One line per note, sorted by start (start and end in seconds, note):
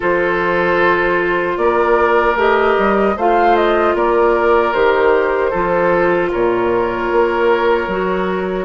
0.00 1.57 F3
0.00 2.35 F4
0.00 1.55 A4
0.00 1.57 C5
1.57 2.35 A#3
1.57 3.16 A#4
1.57 2.36 D5
2.35 2.75 A3
2.35 3.15 G4
2.35 3.18 D#5
2.77 3.16 G3
3.16 3.94 A3
3.16 4.73 F4
3.16 3.95 C5
3.16 3.55 F5
3.55 3.95 D#5
3.94 4.73 A#3
3.94 5.50 A#4
3.94 4.73 D5
4.73 5.52 D#3
4.73 5.52 G4
4.73 6.31 C5
5.50 6.32 F3
5.50 7.89 F4
5.50 6.29 A4
6.31 7.12 A#2
6.31 8.65 A#4
6.31 8.65 C#5
7.12 7.87 A#3
7.87 8.65 F#3
7.87 8.65 F#4